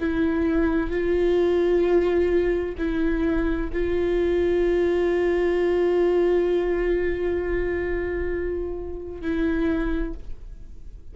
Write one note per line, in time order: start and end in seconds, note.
0.00 0.91 E4
0.91 2.75 F4
2.78 3.70 E4
3.73 9.21 F4
9.21 10.14 E4